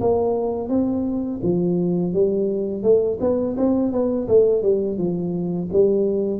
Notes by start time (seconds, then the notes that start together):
0.00 A#3
0.69 C4
1.43 F3
2.13 G3
2.82 A3
3.20 B3
3.56 C4
3.92 B3
4.28 A3
4.62 G3
4.97 F3
5.72 G3